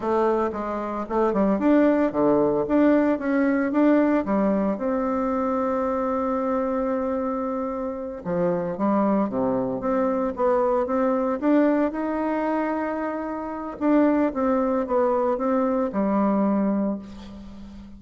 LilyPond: \new Staff \with { instrumentName = "bassoon" } { \time 4/4 \tempo 4 = 113 a4 gis4 a8 g8 d'4 | d4 d'4 cis'4 d'4 | g4 c'2.~ | c'2.~ c'8 f8~ |
f8 g4 c4 c'4 b8~ | b8 c'4 d'4 dis'4.~ | dis'2 d'4 c'4 | b4 c'4 g2 | }